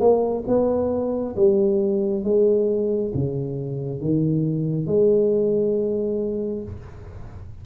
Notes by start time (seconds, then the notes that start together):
0.00 A#3
0.47 B3
1.36 G3
2.24 G#3
3.14 C#3
4.00 D#3
4.86 G#3